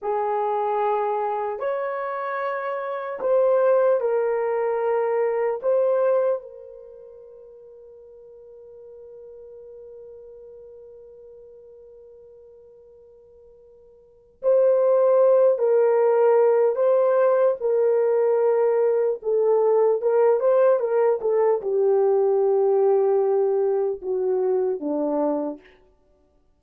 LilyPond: \new Staff \with { instrumentName = "horn" } { \time 4/4 \tempo 4 = 75 gis'2 cis''2 | c''4 ais'2 c''4 | ais'1~ | ais'1~ |
ais'2 c''4. ais'8~ | ais'4 c''4 ais'2 | a'4 ais'8 c''8 ais'8 a'8 g'4~ | g'2 fis'4 d'4 | }